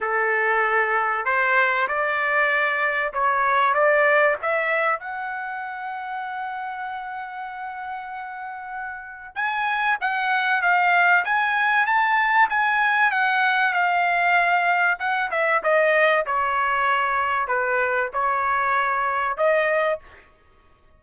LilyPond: \new Staff \with { instrumentName = "trumpet" } { \time 4/4 \tempo 4 = 96 a'2 c''4 d''4~ | d''4 cis''4 d''4 e''4 | fis''1~ | fis''2. gis''4 |
fis''4 f''4 gis''4 a''4 | gis''4 fis''4 f''2 | fis''8 e''8 dis''4 cis''2 | b'4 cis''2 dis''4 | }